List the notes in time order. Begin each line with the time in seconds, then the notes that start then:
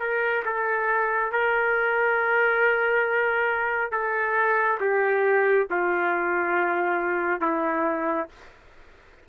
0.00 A#4
0.45 A4
1.32 A#4
3.92 A4
4.81 G4
5.71 F4
7.42 E4